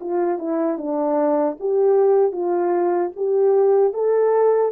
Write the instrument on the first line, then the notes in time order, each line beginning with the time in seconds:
horn
0.00 F4
0.38 E4
0.78 D4
1.59 G4
2.32 F4
3.16 G4
3.93 A4